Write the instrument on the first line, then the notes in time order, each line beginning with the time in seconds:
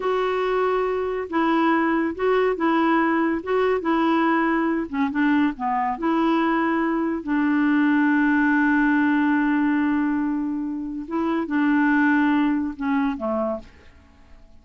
clarinet
0.00 F#4
1.29 E4
2.15 F#4
2.56 E4
3.43 F#4
3.80 E4
4.89 C#4
5.10 D4
5.56 B3
5.97 E4
7.23 D4
11.07 E4
11.46 D4
12.76 C#4
13.17 A3